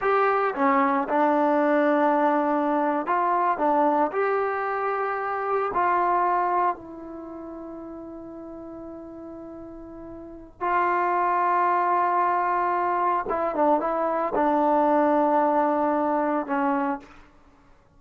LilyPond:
\new Staff \with { instrumentName = "trombone" } { \time 4/4 \tempo 4 = 113 g'4 cis'4 d'2~ | d'4.~ d'16 f'4 d'4 g'16~ | g'2~ g'8. f'4~ f'16~ | f'8. e'2.~ e'16~ |
e'1 | f'1~ | f'4 e'8 d'8 e'4 d'4~ | d'2. cis'4 | }